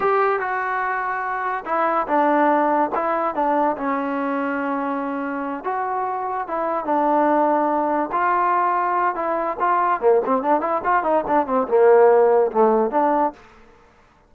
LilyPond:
\new Staff \with { instrumentName = "trombone" } { \time 4/4 \tempo 4 = 144 g'4 fis'2. | e'4 d'2 e'4 | d'4 cis'2.~ | cis'4. fis'2 e'8~ |
e'8 d'2. f'8~ | f'2 e'4 f'4 | ais8 c'8 d'8 e'8 f'8 dis'8 d'8 c'8 | ais2 a4 d'4 | }